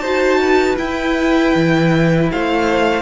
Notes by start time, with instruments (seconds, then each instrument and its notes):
0.00 cello D#4, viola F#4, violin C5 A5
0.41 violin B4
0.78 viola E4, cello E4, violin G5
1.55 cello E3
2.32 cello A3, violin C5 F5